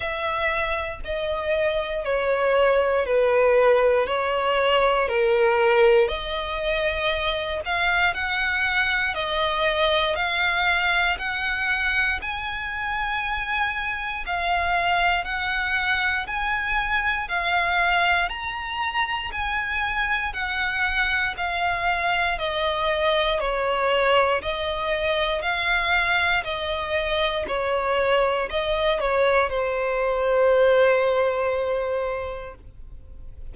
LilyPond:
\new Staff \with { instrumentName = "violin" } { \time 4/4 \tempo 4 = 59 e''4 dis''4 cis''4 b'4 | cis''4 ais'4 dis''4. f''8 | fis''4 dis''4 f''4 fis''4 | gis''2 f''4 fis''4 |
gis''4 f''4 ais''4 gis''4 | fis''4 f''4 dis''4 cis''4 | dis''4 f''4 dis''4 cis''4 | dis''8 cis''8 c''2. | }